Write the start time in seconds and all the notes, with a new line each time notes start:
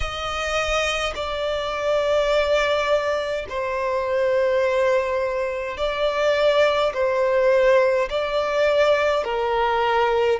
0.00 D#5
1.15 D5
3.48 C5
5.77 D5
6.93 C5
8.09 D5
9.24 A#4